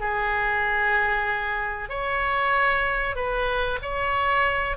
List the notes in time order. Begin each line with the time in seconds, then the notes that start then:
0.00 G#4
1.89 C#5
3.16 B4
3.82 C#5